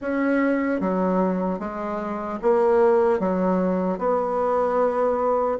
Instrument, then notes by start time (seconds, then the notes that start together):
bassoon
0.01 C#4
0.80 F#3
1.59 G#3
2.42 A#3
3.19 F#3
3.98 B3